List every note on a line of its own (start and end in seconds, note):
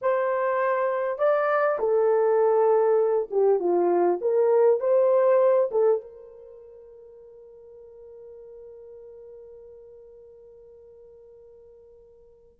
0.01 1.18 C5
1.18 1.78 D5
1.79 3.29 A4
3.30 3.59 G4
3.59 4.19 F4
4.21 4.80 A#4
4.80 5.70 C5
5.71 6.01 A4
6.01 12.60 A#4